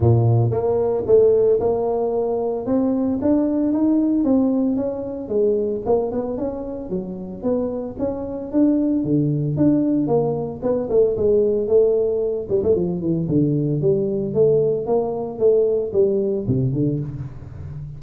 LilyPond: \new Staff \with { instrumentName = "tuba" } { \time 4/4 \tempo 4 = 113 ais,4 ais4 a4 ais4~ | ais4 c'4 d'4 dis'4 | c'4 cis'4 gis4 ais8 b8 | cis'4 fis4 b4 cis'4 |
d'4 d4 d'4 ais4 | b8 a8 gis4 a4. g16 a16 | f8 e8 d4 g4 a4 | ais4 a4 g4 c8 d8 | }